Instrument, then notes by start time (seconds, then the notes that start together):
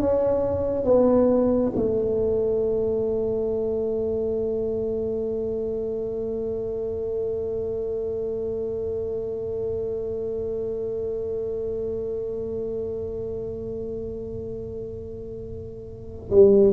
tuba
0.00 C#4
0.84 B3
1.75 A3
16.30 G3